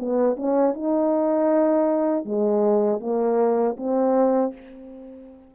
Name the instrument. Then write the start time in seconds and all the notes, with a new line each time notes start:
horn
0.00 B3
0.37 C#4
0.75 D#4
2.25 G#3
3.00 A#3
3.78 C4